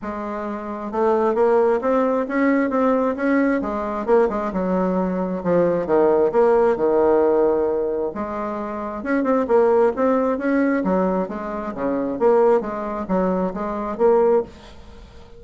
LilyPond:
\new Staff \with { instrumentName = "bassoon" } { \time 4/4 \tempo 4 = 133 gis2 a4 ais4 | c'4 cis'4 c'4 cis'4 | gis4 ais8 gis8 fis2 | f4 dis4 ais4 dis4~ |
dis2 gis2 | cis'8 c'8 ais4 c'4 cis'4 | fis4 gis4 cis4 ais4 | gis4 fis4 gis4 ais4 | }